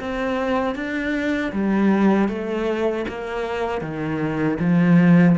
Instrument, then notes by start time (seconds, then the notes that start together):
cello
0.00 C4
0.75 D4
1.53 G3
2.29 A3
3.09 A#3
3.81 D#3
4.60 F3